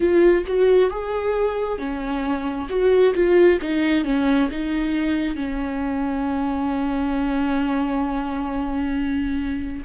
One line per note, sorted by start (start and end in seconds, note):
0.00 0.45 F4
0.46 0.90 F#4
0.90 1.78 G#4
1.78 2.68 C#4
2.69 3.13 F#4
3.14 3.59 F4
3.61 4.04 D#4
4.04 4.49 C#4
4.50 5.35 D#4
5.35 9.83 C#4